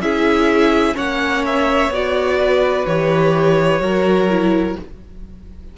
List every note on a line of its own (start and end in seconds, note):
0.00 0.95 C#4
0.00 0.95 E4
0.00 0.95 G#4
0.00 0.96 E5
0.95 1.89 A#3
0.95 1.90 C#4
0.95 2.38 C#5
0.95 1.45 F#5
1.46 1.93 E5
1.89 2.85 B3
1.89 2.86 F#4
1.89 2.87 D5
2.39 3.82 B4
2.86 3.80 E3
2.86 3.81 G4
2.86 4.77 C#5
3.80 4.75 F#3
3.80 4.28 F#4
3.80 4.77 A#4
4.29 4.77 E4